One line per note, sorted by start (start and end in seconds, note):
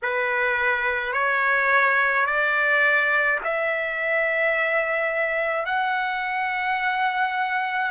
0.02 1.13 B4
1.13 2.25 C#5
2.25 3.39 D5
3.44 5.65 E5
5.65 7.90 F#5